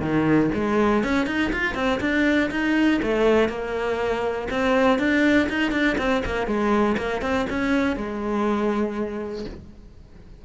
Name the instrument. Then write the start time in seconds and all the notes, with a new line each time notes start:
cello
0.00 D#3
0.54 G#3
1.03 C#4
1.26 D#4
1.52 F4
1.74 C4
2.00 D4
2.51 D#4
3.02 A3
3.48 A#3
4.50 C4
4.99 D4
5.49 D#4
5.71 D4
5.98 C4
6.25 A#3
6.46 G#3
6.97 A#3
7.21 C4
7.49 C#4
7.96 G#3